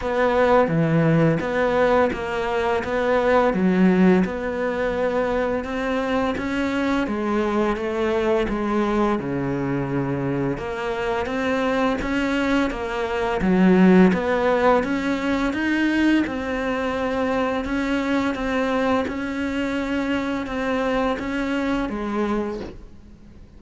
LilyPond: \new Staff \with { instrumentName = "cello" } { \time 4/4 \tempo 4 = 85 b4 e4 b4 ais4 | b4 fis4 b2 | c'4 cis'4 gis4 a4 | gis4 cis2 ais4 |
c'4 cis'4 ais4 fis4 | b4 cis'4 dis'4 c'4~ | c'4 cis'4 c'4 cis'4~ | cis'4 c'4 cis'4 gis4 | }